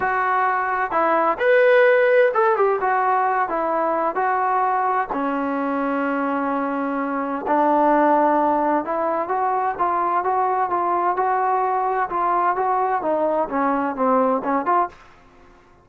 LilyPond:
\new Staff \with { instrumentName = "trombone" } { \time 4/4 \tempo 4 = 129 fis'2 e'4 b'4~ | b'4 a'8 g'8 fis'4. e'8~ | e'4 fis'2 cis'4~ | cis'1 |
d'2. e'4 | fis'4 f'4 fis'4 f'4 | fis'2 f'4 fis'4 | dis'4 cis'4 c'4 cis'8 f'8 | }